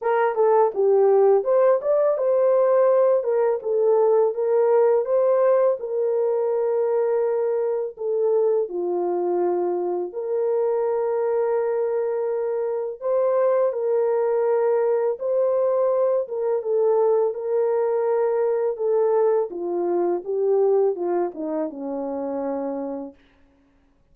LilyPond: \new Staff \with { instrumentName = "horn" } { \time 4/4 \tempo 4 = 83 ais'8 a'8 g'4 c''8 d''8 c''4~ | c''8 ais'8 a'4 ais'4 c''4 | ais'2. a'4 | f'2 ais'2~ |
ais'2 c''4 ais'4~ | ais'4 c''4. ais'8 a'4 | ais'2 a'4 f'4 | g'4 f'8 dis'8 cis'2 | }